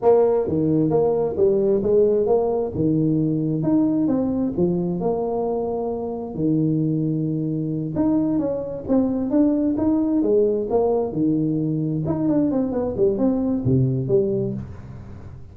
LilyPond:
\new Staff \with { instrumentName = "tuba" } { \time 4/4 \tempo 4 = 132 ais4 dis4 ais4 g4 | gis4 ais4 dis2 | dis'4 c'4 f4 ais4~ | ais2 dis2~ |
dis4. dis'4 cis'4 c'8~ | c'8 d'4 dis'4 gis4 ais8~ | ais8 dis2 dis'8 d'8 c'8 | b8 g8 c'4 c4 g4 | }